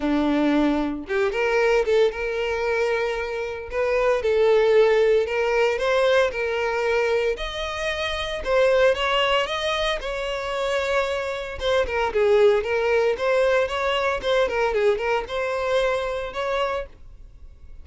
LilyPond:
\new Staff \with { instrumentName = "violin" } { \time 4/4 \tempo 4 = 114 d'2 g'8 ais'4 a'8 | ais'2. b'4 | a'2 ais'4 c''4 | ais'2 dis''2 |
c''4 cis''4 dis''4 cis''4~ | cis''2 c''8 ais'8 gis'4 | ais'4 c''4 cis''4 c''8 ais'8 | gis'8 ais'8 c''2 cis''4 | }